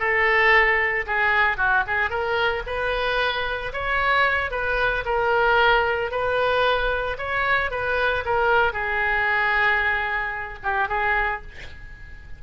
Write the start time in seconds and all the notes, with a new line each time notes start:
0.00 A4
1.07 G#4
1.58 F#4
1.87 G#4
2.10 A#4
2.67 B4
3.73 C#5
4.51 B4
5.05 A#4
6.12 B4
7.19 C#5
7.71 B4
8.26 A#4
8.73 G#4
10.64 G4
10.89 G#4